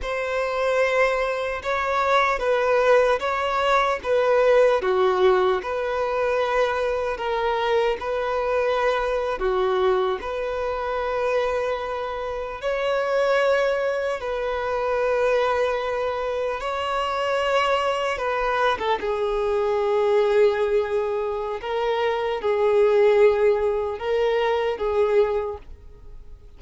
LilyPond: \new Staff \with { instrumentName = "violin" } { \time 4/4 \tempo 4 = 75 c''2 cis''4 b'4 | cis''4 b'4 fis'4 b'4~ | b'4 ais'4 b'4.~ b'16 fis'16~ | fis'8. b'2. cis''16~ |
cis''4.~ cis''16 b'2~ b'16~ | b'8. cis''2 b'8. a'16 gis'16~ | gis'2. ais'4 | gis'2 ais'4 gis'4 | }